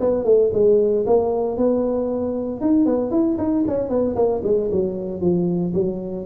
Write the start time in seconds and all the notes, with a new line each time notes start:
0.00 B3
0.25 A3
0.53 G#3
1.07 A#3
1.57 B3
2.61 D#4
2.86 B3
3.11 E4
3.38 D#4
3.68 C#4
3.89 B3
4.15 A#3
4.44 G#3
4.72 F#3
5.21 F3
5.74 F#3